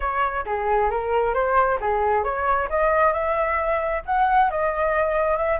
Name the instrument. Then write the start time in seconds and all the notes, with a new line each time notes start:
flute
0.00 C#5
0.45 G#4
0.90 A#4
1.34 C5
1.80 G#4
2.23 C#5
2.69 D#5
3.13 E5
4.05 F#5
4.50 D#5
5.37 E5